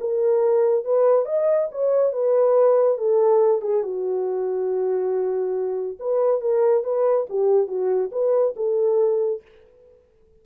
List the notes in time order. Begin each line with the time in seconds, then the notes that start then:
0.00 A#4
0.85 B4
1.25 D#5
1.71 C#5
2.12 B4
2.97 A4
3.61 G#4
3.83 F#4
5.99 B4
6.41 A#4
6.84 B4
7.29 G4
7.67 F#4
8.12 B4
8.56 A4